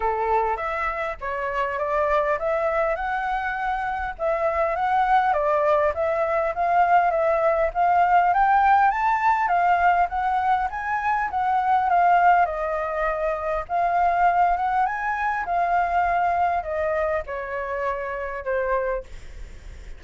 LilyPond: \new Staff \with { instrumentName = "flute" } { \time 4/4 \tempo 4 = 101 a'4 e''4 cis''4 d''4 | e''4 fis''2 e''4 | fis''4 d''4 e''4 f''4 | e''4 f''4 g''4 a''4 |
f''4 fis''4 gis''4 fis''4 | f''4 dis''2 f''4~ | f''8 fis''8 gis''4 f''2 | dis''4 cis''2 c''4 | }